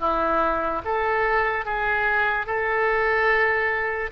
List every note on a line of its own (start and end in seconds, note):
0.00 0.82 E4
0.85 1.66 A4
1.66 2.47 G#4
2.47 4.11 A4